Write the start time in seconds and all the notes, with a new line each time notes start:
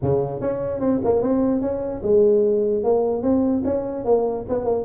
0.01 C#3
0.41 C#4
0.80 C4
1.04 A#3
1.21 C4
1.61 C#4
2.03 G#3
2.83 A#3
3.22 C4
3.64 C#4
4.04 A#3
4.48 B3
4.65 A#3